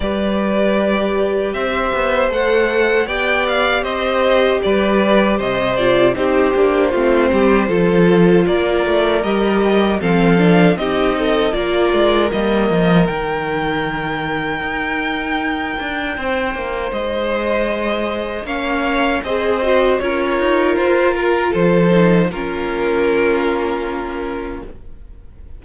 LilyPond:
<<
  \new Staff \with { instrumentName = "violin" } { \time 4/4 \tempo 4 = 78 d''2 e''4 fis''4 | g''8 f''8 dis''4 d''4 dis''8 d''8 | c''2. d''4 | dis''4 f''4 dis''4 d''4 |
dis''4 g''2.~ | g''2 dis''2 | f''4 dis''4 cis''4 c''8 ais'8 | c''4 ais'2. | }
  \new Staff \with { instrumentName = "violin" } { \time 4/4 b'2 c''2 | d''4 c''4 b'4 c''4 | g'4 f'8 g'8 a'4 ais'4~ | ais'4 a'4 g'8 a'8 ais'4~ |
ais'1~ | ais'4 c''2. | cis''4 c''4 ais'2 | a'4 f'2. | }
  \new Staff \with { instrumentName = "viola" } { \time 4/4 g'2. a'4 | g'2.~ g'8 f'8 | dis'8 d'8 c'4 f'2 | g'4 c'8 d'8 dis'4 f'4 |
ais4 dis'2.~ | dis'1 | cis'4 gis'8 fis'8 f'2~ | f'8 dis'8 cis'2. | }
  \new Staff \with { instrumentName = "cello" } { \time 4/4 g2 c'8 b8 a4 | b4 c'4 g4 c4 | c'8 ais8 a8 g8 f4 ais8 a8 | g4 f4 c'4 ais8 gis8 |
g8 f8 dis2 dis'4~ | dis'8 d'8 c'8 ais8 gis2 | ais4 c'4 cis'8 dis'8 f'4 | f4 ais2. | }
>>